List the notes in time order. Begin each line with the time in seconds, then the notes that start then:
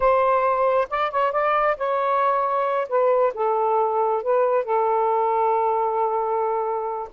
0.00 C5
0.90 D5
1.11 C#5
1.32 D5
1.77 C#5
2.88 B4
3.33 A4
4.22 B4
4.64 A4